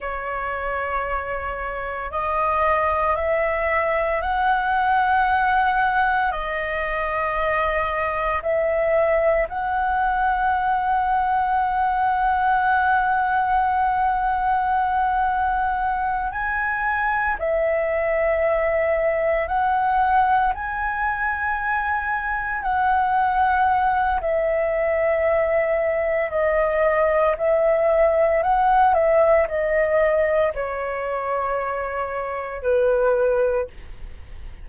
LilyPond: \new Staff \with { instrumentName = "flute" } { \time 4/4 \tempo 4 = 57 cis''2 dis''4 e''4 | fis''2 dis''2 | e''4 fis''2.~ | fis''2.~ fis''8 gis''8~ |
gis''8 e''2 fis''4 gis''8~ | gis''4. fis''4. e''4~ | e''4 dis''4 e''4 fis''8 e''8 | dis''4 cis''2 b'4 | }